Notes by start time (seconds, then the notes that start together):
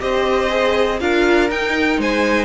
0.00 C4 G4 C5 D#5
0.50 G#4
1.00 D4 F4 A#4 F5
1.50 D#4 G5
1.98 G#3 C5 G#5